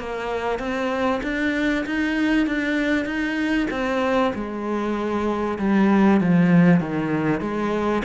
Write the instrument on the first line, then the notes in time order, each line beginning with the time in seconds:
cello
0.00 A#3
0.59 C4
1.24 D4
1.86 D#4
2.47 D4
3.06 D#4
3.71 C4
4.35 G#3
5.59 G3
6.21 F3
6.81 D#3
7.41 G#3